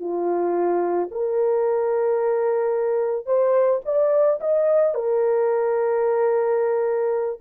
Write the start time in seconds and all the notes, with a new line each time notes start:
0.00 F4
1.11 A#4
3.26 C5
3.85 D5
4.41 D#5
4.94 A#4